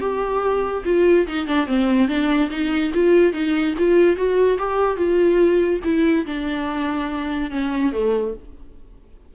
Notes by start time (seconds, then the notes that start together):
0.00 G4
0.85 F4
1.27 D#4
1.47 D4
1.66 C4
2.08 D4
2.50 D#4
2.94 F4
3.33 D#4
3.78 F4
4.16 F#4
4.58 G4
4.97 F4
5.84 E4
6.26 D4
7.51 C#4
7.92 A3